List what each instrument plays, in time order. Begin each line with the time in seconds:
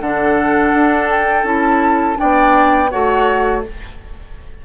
0.00 bassoon D3, clarinet D4, oboe A4, flute F#5
0.73 bassoon D4
1.09 flute G5
1.43 bassoon C#4, clarinet E4, flute A5
2.15 clarinet D4, oboe D5, flute G5
2.21 bassoon B3
2.90 bassoon A3, clarinet F#4, oboe C#5, flute F#5